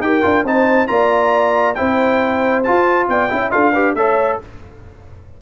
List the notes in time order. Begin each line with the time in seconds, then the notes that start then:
0.00 D#4 G4 A#4 G5
0.22 D4 F4
0.44 C4 D#4 C5 A5
0.87 A#3 F4 D5 A#5
1.75 C4 E4 C5 G5
2.63 F4 A5
3.08 B3 D5 G5
3.29 C#4 E4 E5
3.51 D4 F4 A4 F5
3.72 G4 B4
3.95 A3 A4 C#5 E5